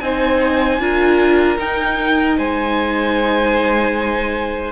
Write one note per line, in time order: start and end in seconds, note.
0.00 0.79 C4
0.00 0.81 D#4
0.00 0.81 C5
0.00 1.58 G#5
0.79 1.58 D4
0.79 1.58 F4
0.79 2.37 A#4
1.58 4.72 D#4
1.58 2.38 D#4
1.58 2.38 G5
2.37 4.72 G#3
2.37 4.72 C5
2.37 4.72 G#5